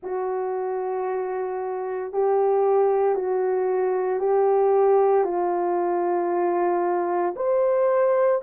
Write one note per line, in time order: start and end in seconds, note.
0.02 2.12 F#4
2.12 3.15 G4
3.15 4.19 F#4
4.19 5.23 G4
5.23 7.34 F4
7.36 8.41 C5